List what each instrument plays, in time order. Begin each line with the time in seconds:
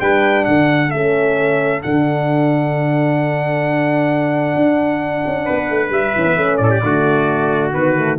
0.00 tuba G3, horn D4, trumpet B4 G5
0.45 tuba D3, trumpet A4 F#5
0.91 tuba A3, horn C#4, trumpet E5
1.83 tuba D3, horn D4, trumpet F#5
4.56 tuba D4
5.26 tuba C#4
5.45 tuba B3, trumpet B4
5.70 tuba A3
5.90 tuba G3, trumpet E5
6.16 tuba E3, horn C#4
6.25 horn B3
6.37 tuba A3, horn C#4
6.57 tuba A2, trumpet A4 D5
6.71 trumpet G4
6.83 tuba D3, horn A3, trumpet F#4
7.73 tuba D#3, horn B3, trumpet B4
7.96 horn A3